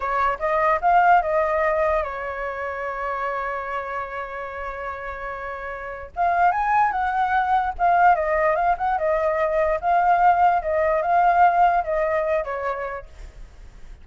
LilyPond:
\new Staff \with { instrumentName = "flute" } { \time 4/4 \tempo 4 = 147 cis''4 dis''4 f''4 dis''4~ | dis''4 cis''2.~ | cis''1~ | cis''2. f''4 |
gis''4 fis''2 f''4 | dis''4 f''8 fis''8 dis''2 | f''2 dis''4 f''4~ | f''4 dis''4. cis''4. | }